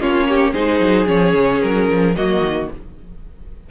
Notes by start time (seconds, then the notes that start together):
0.00 A#3 C#4 F4 C#5
0.29 G4
0.53 G#3 D#4 G#4 C5
0.80 F#3
1.07 F3 C#4 C#5
1.35 C#3
1.62 F#3 A#4
1.90 F3
2.16 F#3 A#3 F#4 D#5
2.41 D#3